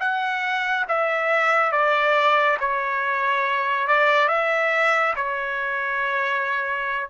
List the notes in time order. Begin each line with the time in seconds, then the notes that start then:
0.00 F#5
0.88 E5
1.72 D5
2.60 C#5
3.87 D5
4.28 E5
5.16 C#5